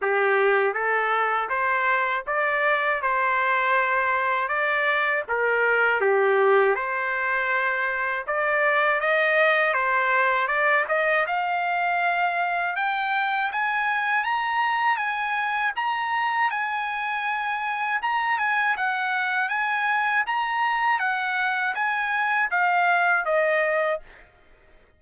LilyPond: \new Staff \with { instrumentName = "trumpet" } { \time 4/4 \tempo 4 = 80 g'4 a'4 c''4 d''4 | c''2 d''4 ais'4 | g'4 c''2 d''4 | dis''4 c''4 d''8 dis''8 f''4~ |
f''4 g''4 gis''4 ais''4 | gis''4 ais''4 gis''2 | ais''8 gis''8 fis''4 gis''4 ais''4 | fis''4 gis''4 f''4 dis''4 | }